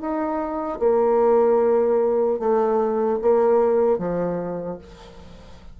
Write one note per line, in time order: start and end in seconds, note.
0.00 0.79 D#4
0.79 2.39 A#3
2.39 3.19 A3
3.21 3.98 A#3
3.98 4.78 F3